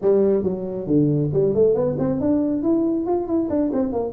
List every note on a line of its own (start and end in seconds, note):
0.01 0.43 G3
0.43 0.86 F#3
0.87 1.30 D3
1.33 1.54 G3
1.54 1.74 A3
1.74 1.96 B3
1.98 2.20 C4
2.20 2.62 D4
2.62 3.06 E4
3.06 3.27 F4
3.27 3.49 E4
3.49 3.71 D4
3.73 3.92 C4
3.92 4.12 A#3